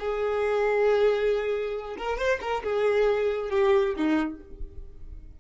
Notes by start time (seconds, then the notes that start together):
0.00 G#4
1.98 A#4
2.18 C5
2.42 A#4
2.64 G#4
3.51 G4
3.97 D#4